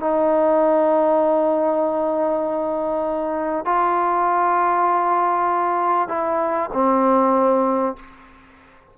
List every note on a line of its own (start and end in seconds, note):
0.00 3.66 D#4
3.66 6.09 F4
6.09 6.70 E4
6.74 7.96 C4